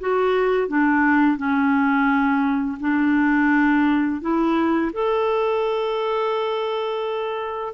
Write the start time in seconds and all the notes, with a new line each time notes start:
0.00 F#4
0.68 D4
1.37 C#4
2.80 D4
4.21 E4
4.93 A4